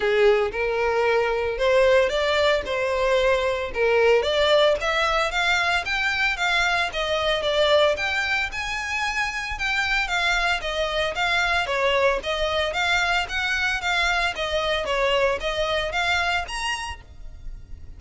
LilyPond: \new Staff \with { instrumentName = "violin" } { \time 4/4 \tempo 4 = 113 gis'4 ais'2 c''4 | d''4 c''2 ais'4 | d''4 e''4 f''4 g''4 | f''4 dis''4 d''4 g''4 |
gis''2 g''4 f''4 | dis''4 f''4 cis''4 dis''4 | f''4 fis''4 f''4 dis''4 | cis''4 dis''4 f''4 ais''4 | }